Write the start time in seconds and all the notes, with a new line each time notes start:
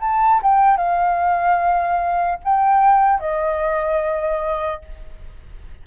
0.00 A5
0.42 G5
0.77 F5
2.44 G5
3.20 D#5